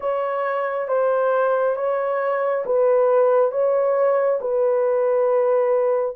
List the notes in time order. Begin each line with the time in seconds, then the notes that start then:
0.00 C#5
0.88 C5
1.76 C#5
2.65 B4
3.51 C#5
4.40 B4